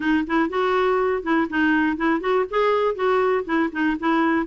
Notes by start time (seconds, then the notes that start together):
0.00 D#4
0.26 E4
0.49 F#4
1.22 E4
1.49 D#4
1.97 E4
2.20 F#4
2.50 G#4
2.95 F#4
3.45 E4
3.71 D#4
3.99 E4